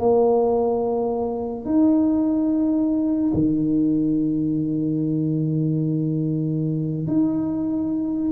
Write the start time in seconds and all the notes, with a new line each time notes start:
0.00 A#3
1.66 D#4
3.34 D#3
7.08 D#4